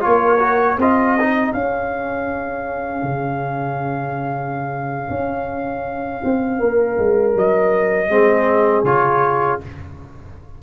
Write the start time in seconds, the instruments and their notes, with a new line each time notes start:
0.00 tuba A#3, trombone F4, trumpet C#5
0.06 horn A#4
0.39 trombone F#4
0.77 tuba C4, trombone F4, horn G#4, trumpet D#5
1.19 trombone D#4
1.52 tuba C#4, trombone C#4, trumpet F5
3.03 tuba C#3
5.09 tuba C#4
6.24 tuba C4
6.58 tuba A#3, horn A#4
6.98 tuba G#3
7.35 tuba F#3, trumpet D#5
8.08 tuba G#3, trombone C4, horn G#4
8.83 tuba C#3, trombone F4, trumpet C#5